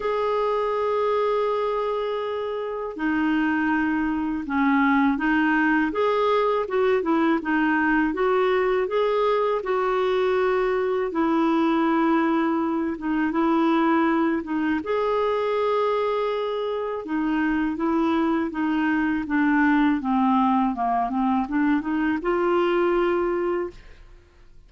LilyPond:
\new Staff \with { instrumentName = "clarinet" } { \time 4/4 \tempo 4 = 81 gis'1 | dis'2 cis'4 dis'4 | gis'4 fis'8 e'8 dis'4 fis'4 | gis'4 fis'2 e'4~ |
e'4. dis'8 e'4. dis'8 | gis'2. dis'4 | e'4 dis'4 d'4 c'4 | ais8 c'8 d'8 dis'8 f'2 | }